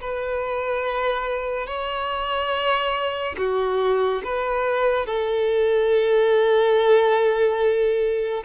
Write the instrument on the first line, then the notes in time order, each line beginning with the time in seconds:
violin
0.00 B4
1.66 C#5
3.37 F#4
4.24 B4
5.06 A4